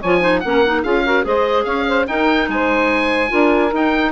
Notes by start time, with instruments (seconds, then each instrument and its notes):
0.00 bassoon F3, clarinet F4, saxophone C#5, oboe G#5
0.21 clarinet D#4, saxophone C5
0.40 bassoon A#3, clarinet C#4, saxophone A#4, oboe F#5
0.65 clarinet D#4
0.82 bassoon C#4, clarinet F4, saxophone G#4, oboe F5
1.05 clarinet F#4, saxophone A#4
1.24 bassoon G#3, clarinet G#4, saxophone C5, oboe D#5
1.65 bassoon C#4, saxophone C#5, oboe F5
1.88 saxophone C5
2.07 clarinet D#4, bassoon D#4, saxophone A#4, oboe G5
2.48 bassoon G#3, saxophone C5, oboe G#5
3.29 bassoon D4, clarinet F4, saxophone A#4
3.73 bassoon D#4, clarinet D#4, oboe G5